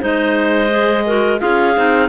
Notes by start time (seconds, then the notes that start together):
0.00 G#3 D#4 C5 D#5
0.70 G#4
1.06 F#4 A#4
1.39 C#4 F4 G#4 F5
1.76 C4 D#4